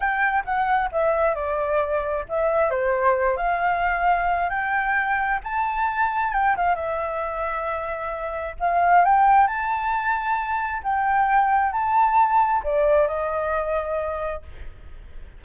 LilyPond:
\new Staff \with { instrumentName = "flute" } { \time 4/4 \tempo 4 = 133 g''4 fis''4 e''4 d''4~ | d''4 e''4 c''4. f''8~ | f''2 g''2 | a''2 g''8 f''8 e''4~ |
e''2. f''4 | g''4 a''2. | g''2 a''2 | d''4 dis''2. | }